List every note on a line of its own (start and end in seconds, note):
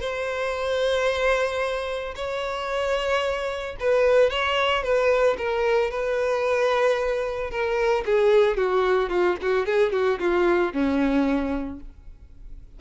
0.00 2.14 C5
2.15 3.76 C#5
3.79 4.30 B4
4.30 4.83 C#5
4.83 5.36 B4
5.37 5.90 A#4
5.90 7.50 B4
7.50 8.04 A#4
8.05 8.57 G#4
8.57 9.09 F#4
9.09 9.36 F4
9.41 9.65 F#4
9.65 9.92 G#4
9.92 10.19 F#4
10.19 10.72 F4
10.72 11.80 C#4